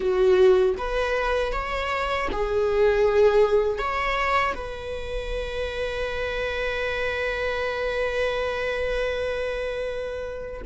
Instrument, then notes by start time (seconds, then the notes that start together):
viola
0.00 F#4
0.77 B4
1.52 C#5
2.32 G#4
3.78 C#5
4.54 B4